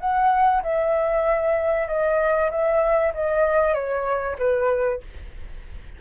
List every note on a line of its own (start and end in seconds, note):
0.00 0.62 F#5
0.63 1.88 E5
1.88 2.51 D#5
2.51 3.13 E5
3.14 3.74 D#5
3.74 4.36 C#5
4.39 5.01 B4